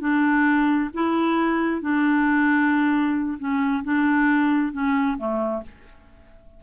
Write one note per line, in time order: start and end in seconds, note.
0.00 0.90 D4
0.94 1.81 E4
1.81 3.38 D4
3.38 3.83 C#4
3.84 4.72 D4
4.72 5.17 C#4
5.18 5.62 A3